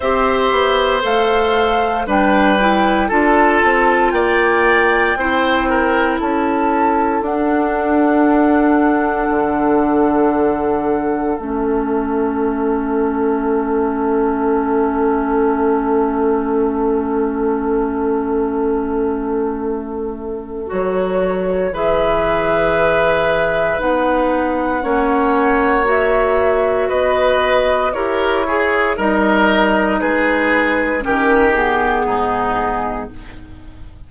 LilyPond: <<
  \new Staff \with { instrumentName = "flute" } { \time 4/4 \tempo 4 = 58 e''4 f''4 g''4 a''4 | g''2 a''4 fis''4~ | fis''2. e''4~ | e''1~ |
e''1 | cis''4 e''2 fis''4~ | fis''4 e''4 dis''4 cis''4 | dis''4 b'4 ais'8 gis'4. | }
  \new Staff \with { instrumentName = "oboe" } { \time 4/4 c''2 b'4 a'4 | d''4 c''8 ais'8 a'2~ | a'1~ | a'1~ |
a'1~ | a'4 b'2. | cis''2 b'4 ais'8 gis'8 | ais'4 gis'4 g'4 dis'4 | }
  \new Staff \with { instrumentName = "clarinet" } { \time 4/4 g'4 a'4 d'8 e'8 f'4~ | f'4 e'2 d'4~ | d'2. cis'4~ | cis'1~ |
cis'1 | fis'4 gis'2 dis'4 | cis'4 fis'2 g'8 gis'8 | dis'2 cis'8 b4. | }
  \new Staff \with { instrumentName = "bassoon" } { \time 4/4 c'8 b8 a4 g4 d'8 c'8 | ais4 c'4 cis'4 d'4~ | d'4 d2 a4~ | a1~ |
a1 | fis4 e2 b4 | ais2 b4 e'4 | g4 gis4 dis4 gis,4 | }
>>